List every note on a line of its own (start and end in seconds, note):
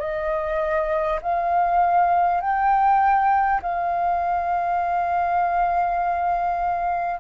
0.00 1.20 D#5
1.22 2.42 F5
2.42 3.62 G5
3.63 7.21 F5